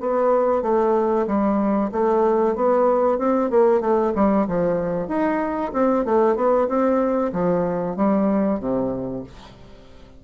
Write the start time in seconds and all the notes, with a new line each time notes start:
0.00 B3
0.62 A3
1.27 G3
1.91 A3
2.55 B3
3.18 C4
3.50 A#3
3.80 A3
4.15 G3
4.47 F3
5.08 D#4
5.73 C4
6.05 A3
6.36 B3
6.68 C4
7.32 F3
7.96 G3
8.59 C3